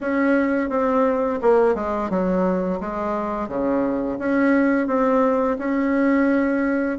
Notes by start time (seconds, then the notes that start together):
0.00 C#4
0.69 C4
1.42 A#3
1.74 G#3
2.10 F#3
2.80 G#3
3.48 C#3
4.19 C#4
4.87 C4
5.58 C#4